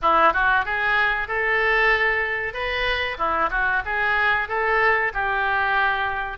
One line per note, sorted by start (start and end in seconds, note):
0.02 0.33 E4
0.33 0.65 F#4
0.65 1.28 G#4
1.28 2.53 A4
2.53 3.17 B4
3.17 3.49 E4
3.50 3.82 F#4
3.85 4.48 G#4
4.48 5.12 A4
5.13 6.38 G4